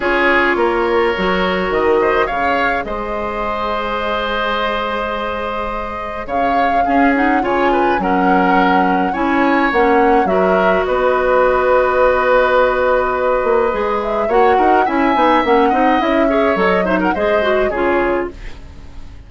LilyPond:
<<
  \new Staff \with { instrumentName = "flute" } { \time 4/4 \tempo 4 = 105 cis''2. dis''4 | f''4 dis''2.~ | dis''2. f''4~ | f''8 fis''8 gis''4 fis''2 |
gis''4 fis''4 e''4 dis''4~ | dis''1~ | dis''8 e''8 fis''4 gis''4 fis''4 | e''4 dis''8 e''16 fis''16 dis''4 cis''4 | }
  \new Staff \with { instrumentName = "oboe" } { \time 4/4 gis'4 ais'2~ ais'8 c''8 | cis''4 c''2.~ | c''2. cis''4 | gis'4 cis''8 b'8 ais'2 |
cis''2 ais'4 b'4~ | b'1~ | b'4 cis''8 ais'8 e''4. dis''8~ | dis''8 cis''4 c''16 ais'16 c''4 gis'4 | }
  \new Staff \with { instrumentName = "clarinet" } { \time 4/4 f'2 fis'2 | gis'1~ | gis'1 | cis'8 dis'8 f'4 cis'2 |
e'4 cis'4 fis'2~ | fis'1 | gis'4 fis'4 e'8 dis'8 cis'8 dis'8 | e'8 gis'8 a'8 dis'8 gis'8 fis'8 f'4 | }
  \new Staff \with { instrumentName = "bassoon" } { \time 4/4 cis'4 ais4 fis4 dis4 | cis4 gis2.~ | gis2. cis4 | cis'4 cis4 fis2 |
cis'4 ais4 fis4 b4~ | b2.~ b8 ais8 | gis4 ais8 dis'8 cis'8 b8 ais8 c'8 | cis'4 fis4 gis4 cis4 | }
>>